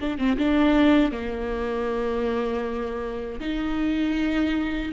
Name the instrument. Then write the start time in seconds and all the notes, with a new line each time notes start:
viola
0.00 D4
0.18 C4
0.38 D4
1.12 A#3
3.40 D#4